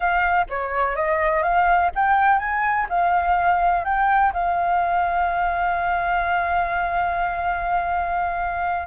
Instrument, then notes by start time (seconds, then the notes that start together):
flute
0.00 F5
0.49 C#5
0.95 D#5
1.42 F5
1.95 G5
2.38 G#5
2.89 F5
3.84 G5
4.33 F5